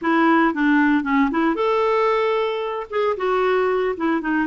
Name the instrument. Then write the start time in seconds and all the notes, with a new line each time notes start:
clarinet
0.01 E4
0.54 D4
1.03 C#4
1.31 E4
1.55 A4
2.89 G#4
3.16 F#4
3.96 E4
4.21 D#4